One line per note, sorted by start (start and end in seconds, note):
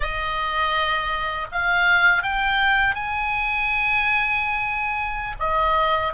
0.00 1.47 D#5
1.52 2.23 F5
2.23 2.94 G5
2.94 5.35 G#5
5.39 6.13 D#5